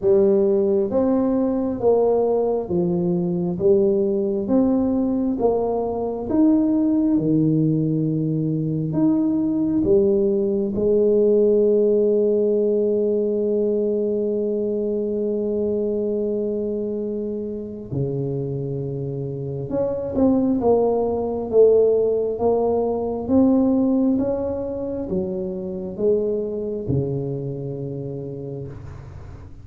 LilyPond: \new Staff \with { instrumentName = "tuba" } { \time 4/4 \tempo 4 = 67 g4 c'4 ais4 f4 | g4 c'4 ais4 dis'4 | dis2 dis'4 g4 | gis1~ |
gis1 | cis2 cis'8 c'8 ais4 | a4 ais4 c'4 cis'4 | fis4 gis4 cis2 | }